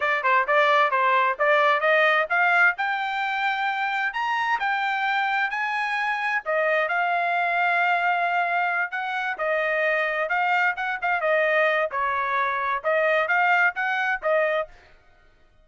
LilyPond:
\new Staff \with { instrumentName = "trumpet" } { \time 4/4 \tempo 4 = 131 d''8 c''8 d''4 c''4 d''4 | dis''4 f''4 g''2~ | g''4 ais''4 g''2 | gis''2 dis''4 f''4~ |
f''2.~ f''8 fis''8~ | fis''8 dis''2 f''4 fis''8 | f''8 dis''4. cis''2 | dis''4 f''4 fis''4 dis''4 | }